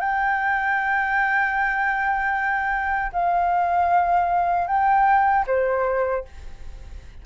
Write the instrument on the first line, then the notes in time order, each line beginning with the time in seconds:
flute
0.00 G5
3.12 F5
4.67 G5
5.47 C5